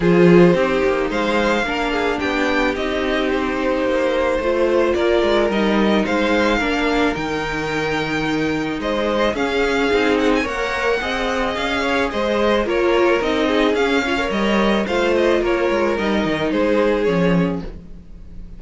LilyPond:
<<
  \new Staff \with { instrumentName = "violin" } { \time 4/4 \tempo 4 = 109 c''2 f''2 | g''4 dis''4 c''2~ | c''4 d''4 dis''4 f''4~ | f''4 g''2. |
dis''4 f''4. fis''16 gis''16 fis''4~ | fis''4 f''4 dis''4 cis''4 | dis''4 f''4 dis''4 f''8 dis''8 | cis''4 dis''4 c''4 cis''4 | }
  \new Staff \with { instrumentName = "violin" } { \time 4/4 gis'4 g'4 c''4 ais'8 gis'8 | g'1 | c''4 ais'2 c''4 | ais'1 |
c''4 gis'2 cis''4 | dis''4. cis''8 c''4 ais'4~ | ais'8 gis'4 cis''4. c''4 | ais'2 gis'2 | }
  \new Staff \with { instrumentName = "viola" } { \time 4/4 f'4 dis'2 d'4~ | d'4 dis'2. | f'2 dis'2 | d'4 dis'2.~ |
dis'4 cis'4 dis'4 ais'4 | gis'2. f'4 | dis'4 cis'8 f'16 ais'4~ ais'16 f'4~ | f'4 dis'2 cis'4 | }
  \new Staff \with { instrumentName = "cello" } { \time 4/4 f4 c'8 ais8 gis4 ais4 | b4 c'2 ais4 | a4 ais8 gis8 g4 gis4 | ais4 dis2. |
gis4 cis'4 c'4 ais4 | c'4 cis'4 gis4 ais4 | c'4 cis'4 g4 a4 | ais8 gis8 g8 dis8 gis4 f4 | }
>>